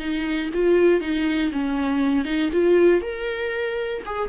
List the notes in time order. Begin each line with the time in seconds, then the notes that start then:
0.00 D#4
0.54 F4
1.01 D#4
1.52 C#4
2.25 D#4
2.53 F4
3.02 A#4
4.06 G#4